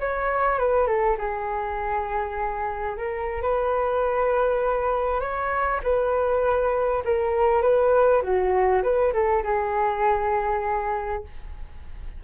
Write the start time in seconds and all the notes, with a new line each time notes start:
0.00 C#5
0.59 B4
0.86 A4
1.18 G#4
2.97 A#4
3.42 B4
5.20 C#5
5.83 B4
7.05 A#4
7.62 B4
8.22 F#4
8.83 B4
9.13 A4
9.43 G#4